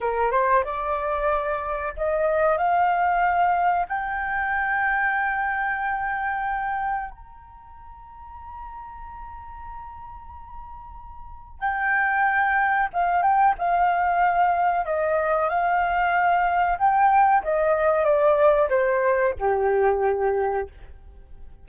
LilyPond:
\new Staff \with { instrumentName = "flute" } { \time 4/4 \tempo 4 = 93 ais'8 c''8 d''2 dis''4 | f''2 g''2~ | g''2. ais''4~ | ais''1~ |
ais''2 g''2 | f''8 g''8 f''2 dis''4 | f''2 g''4 dis''4 | d''4 c''4 g'2 | }